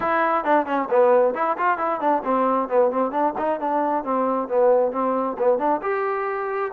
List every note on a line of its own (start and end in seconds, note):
0.00 0.44 E4
0.44 0.66 D4
0.66 0.88 C#4
0.90 1.34 B3
1.34 1.57 E4
1.57 1.78 F4
1.78 2.00 E4
2.00 2.22 D4
2.24 2.68 C4
2.68 2.91 B3
2.91 3.11 C4
3.11 3.33 D4
3.38 3.60 D#4
3.60 4.03 D4
4.03 4.48 C4
4.48 4.92 B3
4.92 5.36 C4
5.38 5.58 B3
5.58 5.80 D4
5.82 6.71 G4